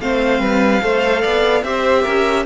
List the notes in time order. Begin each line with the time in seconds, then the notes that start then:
0.00 A3 C4 C5 F5
0.40 G3 B4
0.81 A3 A4 C5
1.22 B3 D5
1.63 C4 G4 C5 E5
2.03 C#4 A#4